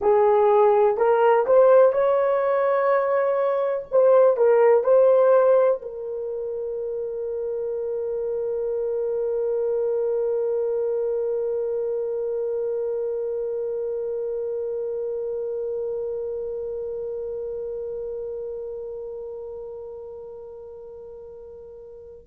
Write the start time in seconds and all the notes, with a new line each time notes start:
0.01 G#4
0.97 A#4
1.46 C5
1.92 C#5
3.91 C5
4.36 A#4
4.83 C5
5.82 A#4